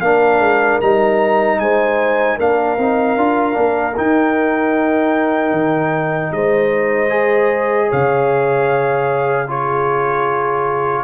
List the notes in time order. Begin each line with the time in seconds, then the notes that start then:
0.00 A#3 D4 A#4 F5
0.39 G#3
0.81 G3 D#4 A#5
1.59 G#3 C5 G#5
2.37 A#3 D4 A#4 F5
2.78 C4 D#4
3.17 D4 F4
3.53 A#3 D4
3.97 D#4 G5
5.52 D#3
6.31 G#3 C5 D#5
7.10 G#4
7.88 C#3 C#5 F5
9.48 F4 G#4 C#5